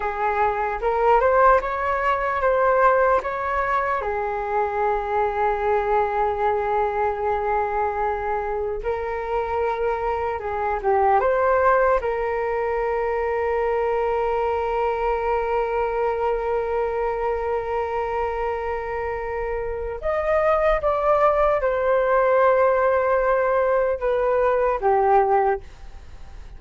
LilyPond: \new Staff \with { instrumentName = "flute" } { \time 4/4 \tempo 4 = 75 gis'4 ais'8 c''8 cis''4 c''4 | cis''4 gis'2.~ | gis'2. ais'4~ | ais'4 gis'8 g'8 c''4 ais'4~ |
ais'1~ | ais'1~ | ais'4 dis''4 d''4 c''4~ | c''2 b'4 g'4 | }